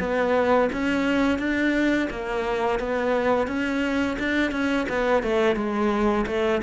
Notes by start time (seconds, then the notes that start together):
0.00 B3
0.73 C#4
1.39 D4
2.11 A#3
2.80 B3
3.48 C#4
4.20 D4
4.52 C#4
4.90 B3
5.23 A3
5.56 G#3
6.27 A3